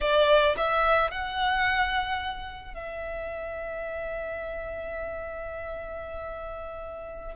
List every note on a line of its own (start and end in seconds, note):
0.00 0.55 D5
0.57 1.10 E5
1.10 2.73 F#5
2.73 7.35 E5